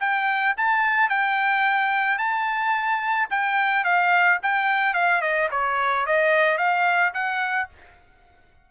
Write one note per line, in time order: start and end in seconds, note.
0.00 0.55 G5
0.57 1.10 A5
1.10 2.18 G5
2.18 3.29 A5
3.30 3.84 G5
3.84 4.39 F5
4.43 4.94 G5
4.94 5.21 F5
5.22 5.49 D#5
5.51 6.06 C#5
6.07 6.58 D#5
6.58 7.13 F5
7.14 7.69 F#5